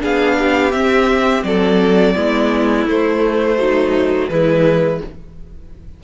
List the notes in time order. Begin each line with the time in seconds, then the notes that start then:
0.00 B3 D4 G#4 F5
0.38 G4
0.72 C4 E5
1.44 F#3 A4 D5
2.15 G#3 B3 E4
2.86 A3 C5
3.58 F#3 D#4
4.29 E3 G#3 E4 B4